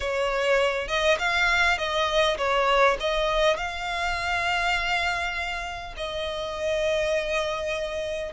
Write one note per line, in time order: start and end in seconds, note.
0.00 0.87 C#5
0.87 1.17 D#5
1.18 1.77 F5
1.77 2.37 D#5
2.37 2.97 C#5
2.99 3.56 D#5
3.56 5.94 F5
5.96 8.32 D#5